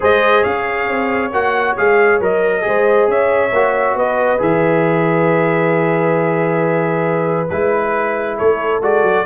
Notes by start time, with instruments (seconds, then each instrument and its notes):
0.00 tuba G#3, trombone G#4, horn C5, trumpet D#5
0.41 tuba C#4, horn C#5, trumpet F5
0.88 tuba C4
1.32 tuba A#3, trombone F#4, trumpet F#5
1.77 tuba G#3, trombone G#4, trumpet F5
2.20 tuba F#3, trombone A#4, trumpet D#5
2.61 tuba G#3, trombone G#4, horn C5
3.07 tuba C#4, horn C#5, trumpet E5
3.53 tuba A#3, trombone F#4
3.94 tuba B3, horn B4, trumpet D#5
4.38 tuba E3, trombone G#4, trumpet E5
7.49 tuba G#3, trombone E4, trumpet B4
8.37 tuba A3, horn A4, trumpet C#5
8.81 tuba G#3, trombone F#4, trumpet D5
9.03 tuba F#3